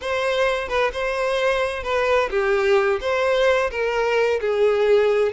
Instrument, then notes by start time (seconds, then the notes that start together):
violin
0.01 C5
0.68 B4
0.93 C5
1.83 B4
2.30 G4
3.01 C5
3.70 A#4
4.40 G#4